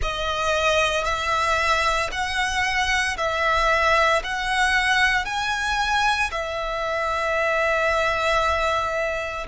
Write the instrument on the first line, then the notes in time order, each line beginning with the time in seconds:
violin
0.01 D#5
1.04 E5
2.11 F#5
3.17 E5
4.23 F#5
5.25 G#5
6.31 E5